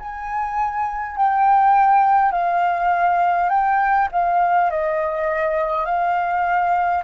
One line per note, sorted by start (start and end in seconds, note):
0.00 1.17 G#5
1.17 2.32 G5
2.32 3.50 F5
3.50 4.09 G5
4.12 4.71 F5
4.71 5.86 D#5
5.86 7.04 F5